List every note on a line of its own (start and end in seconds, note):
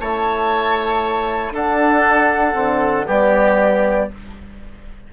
0.00 1.52 A3
0.00 1.54 E4
0.00 1.54 C#5
0.00 1.54 A5
1.52 2.54 D4
1.52 3.07 A4
1.52 3.09 F#5
2.54 3.08 D3
2.54 3.05 C4
3.07 4.10 G3
3.07 4.09 B3
3.07 4.10 G4
3.07 4.13 D5